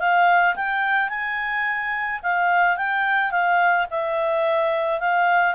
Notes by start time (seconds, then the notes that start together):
0.00 F5
0.56 G5
1.10 G#5
2.23 F5
2.77 G5
3.31 F5
3.91 E5
5.01 F5